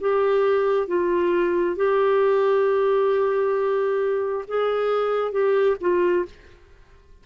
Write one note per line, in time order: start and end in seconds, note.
0.00 0.87 G4
0.87 1.76 F4
1.76 4.45 G4
4.48 5.31 G#4
5.31 5.76 G4
5.80 6.25 F4